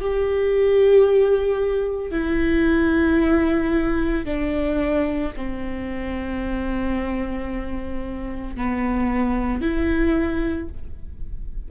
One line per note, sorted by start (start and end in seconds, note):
0.00 2.11 G4
2.11 4.25 E4
4.25 5.32 D4
5.37 8.56 C4
8.56 9.61 B3
9.61 10.68 E4